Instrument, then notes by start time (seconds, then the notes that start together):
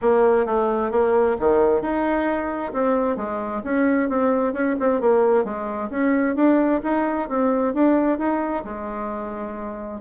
bassoon
0.01 A#3
0.46 A3
0.91 A#3
1.39 D#3
1.81 D#4
2.73 C4
3.16 G#3
3.64 C#4
4.09 C4
4.53 C#4
4.79 C4
5.00 A#3
5.44 G#3
5.90 C#4
6.35 D4
6.83 D#4
7.29 C4
7.74 D4
8.18 D#4
8.64 G#3